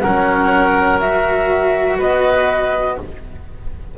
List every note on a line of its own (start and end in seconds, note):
0.00 1.99 F#3
0.00 1.01 C#4
0.00 1.98 A#4
0.00 0.98 F#5
1.00 2.98 F#4
1.00 1.98 E5
1.98 2.97 B3
1.98 2.96 B4
1.98 2.98 D#5